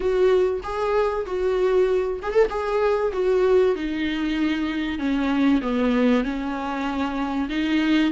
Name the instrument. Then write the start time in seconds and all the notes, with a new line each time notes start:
viola
0.00 F#4
0.62 G#4
1.26 F#4
2.22 G#4
2.32 A4
2.49 G#4
3.12 F#4
3.75 D#4
4.98 C#4
5.61 B3
6.23 C#4
7.49 D#4